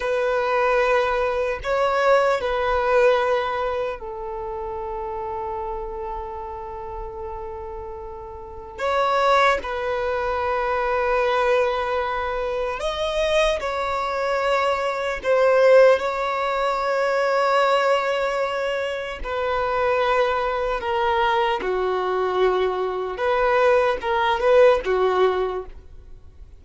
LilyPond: \new Staff \with { instrumentName = "violin" } { \time 4/4 \tempo 4 = 75 b'2 cis''4 b'4~ | b'4 a'2.~ | a'2. cis''4 | b'1 |
dis''4 cis''2 c''4 | cis''1 | b'2 ais'4 fis'4~ | fis'4 b'4 ais'8 b'8 fis'4 | }